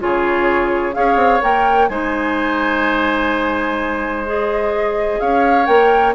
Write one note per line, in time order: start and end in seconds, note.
0.00 0.96 C#3
0.00 0.93 F4
0.00 0.96 G#4
0.00 0.94 C#5
0.93 1.16 C#4
0.93 1.41 G#4
0.93 1.91 C#5
0.93 1.42 F5
1.16 1.40 C4
1.41 1.90 A#3
1.41 1.88 A#4
1.41 1.89 G5
1.89 5.20 G#3
1.89 4.26 D#4
1.89 5.21 C5
1.89 4.25 G#5
4.26 5.66 G#4
4.26 5.20 D#5
5.20 5.68 C#4
5.20 6.15 C#5
5.20 5.66 F5
5.66 6.15 A#3
5.66 6.13 A#4
5.66 6.14 G5